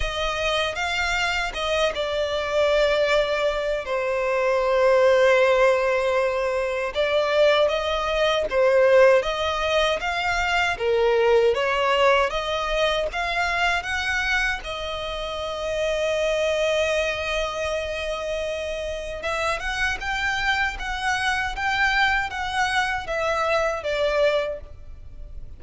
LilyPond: \new Staff \with { instrumentName = "violin" } { \time 4/4 \tempo 4 = 78 dis''4 f''4 dis''8 d''4.~ | d''4 c''2.~ | c''4 d''4 dis''4 c''4 | dis''4 f''4 ais'4 cis''4 |
dis''4 f''4 fis''4 dis''4~ | dis''1~ | dis''4 e''8 fis''8 g''4 fis''4 | g''4 fis''4 e''4 d''4 | }